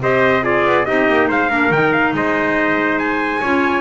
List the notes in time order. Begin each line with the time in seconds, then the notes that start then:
0.00 C4 G4 C5 D#5
0.42 F4 G#4 D5
0.65 B3
0.85 C4 D#4 G4 D#5
1.09 A#3
1.28 G#3 C5 F5
1.49 A#3 D4 A#4
1.70 D#3 D#4 G5
1.92 F5
2.13 G#3 C5 D#5
2.98 G#5
3.40 C#4 F4 C#5